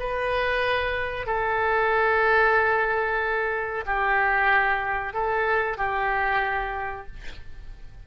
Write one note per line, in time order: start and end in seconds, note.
0.00 1.27 B4
1.27 3.85 A4
3.87 5.14 G4
5.14 5.78 A4
5.78 7.07 G4